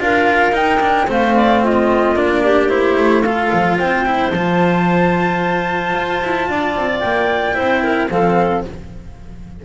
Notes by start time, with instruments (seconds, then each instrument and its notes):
0.00 double bass D4, cello F4, clarinet A#4, flute F5
0.53 cello D#4, double bass D#4, flute G5
0.81 cello D4
1.08 double bass A3, cello C4, clarinet C5, flute F5
1.36 clarinet D5
1.64 clarinet F4, flute D#5
2.15 double bass A#3, cello D4, flute D5
2.44 clarinet G4
2.70 cello E4, flute C5
2.97 double bass A3
3.23 cello F4, clarinet A4, flute F5
3.53 double bass F3
3.79 double bass C4, clarinet C5, flute G5
4.06 cello E4
4.30 double bass F3, cello F4, flute A5
5.95 double bass F4
6.23 double bass E4
6.49 double bass D4, clarinet D5
6.76 double bass C4
7.00 double bass A#3, flute G5
7.54 double bass C4, cello E4, clarinet C5
7.83 clarinet A#4
8.11 double bass F3, cello C4, clarinet A4, flute F5